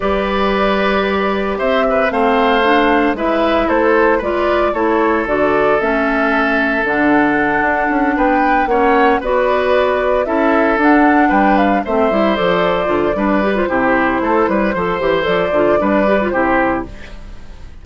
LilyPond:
<<
  \new Staff \with { instrumentName = "flute" } { \time 4/4 \tempo 4 = 114 d''2. e''4 | f''2 e''4 c''4 | d''4 cis''4 d''4 e''4~ | e''4 fis''2~ fis''8 g''8~ |
g''8 fis''4 d''2 e''8~ | e''8 fis''4 g''8 f''8 e''4 d''8~ | d''4.~ d''16 c''2~ c''16~ | c''4 d''2 c''4 | }
  \new Staff \with { instrumentName = "oboe" } { \time 4/4 b'2. c''8 b'8 | c''2 b'4 a'4 | b'4 a'2.~ | a'2.~ a'8 b'8~ |
b'8 cis''4 b'2 a'8~ | a'4. b'4 c''4.~ | c''4 b'4 g'4 a'8 b'8 | c''2 b'4 g'4 | }
  \new Staff \with { instrumentName = "clarinet" } { \time 4/4 g'1 | c'4 d'4 e'2 | f'4 e'4 fis'4 cis'4~ | cis'4 d'2.~ |
d'8 cis'4 fis'2 e'8~ | e'8 d'2 c'8 e'8 a'8~ | a'8 f'8 d'8 g'16 f'16 e'2 | a'8 g'8 a'8 f'8 d'8 g'16 f'16 e'4 | }
  \new Staff \with { instrumentName = "bassoon" } { \time 4/4 g2. c'4 | a2 gis4 a4 | gis4 a4 d4 a4~ | a4 d4. d'8 cis'8 b8~ |
b8 ais4 b2 cis'8~ | cis'8 d'4 g4 a8 g8 f8~ | f8 d8 g4 c4 a8 g8 | f8 e8 f8 d8 g4 c4 | }
>>